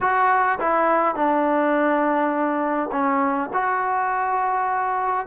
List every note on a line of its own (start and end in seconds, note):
0.00 0.59 F#4
0.59 1.15 E4
1.15 2.90 D4
2.92 3.50 C#4
3.53 5.26 F#4